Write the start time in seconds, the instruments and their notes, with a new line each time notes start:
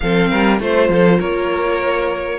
0.00 cello F3, viola C4, violin A4 F5
0.29 cello G3, violin A#4
0.60 cello A3, viola F4, violin C5
0.89 cello F3, violin A4
1.19 cello A#3, violin A#4 C#5